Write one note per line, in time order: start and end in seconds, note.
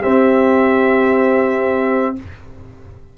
0.00 2.16 C4
0.00 2.18 C4
0.00 2.14 G4
0.00 2.17 E5